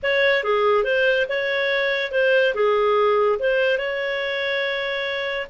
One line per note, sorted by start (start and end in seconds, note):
0.02 0.43 C#5
0.43 0.84 G#4
0.84 1.26 C5
1.28 2.11 C#5
2.11 2.54 C5
2.54 3.39 G#4
3.39 3.78 C5
3.78 5.47 C#5